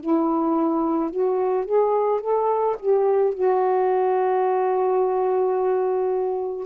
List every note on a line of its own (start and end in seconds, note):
0.00 1.11 E4
1.11 1.65 F#4
1.65 2.21 G#4
2.21 2.76 A4
2.80 3.34 G4
3.34 6.66 F#4